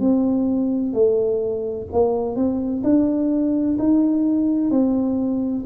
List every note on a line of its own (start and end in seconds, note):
0.00 0.93 C4
0.93 1.87 A3
1.92 2.36 A#3
2.36 2.83 C4
2.83 3.77 D4
3.78 4.71 D#4
4.71 5.65 C4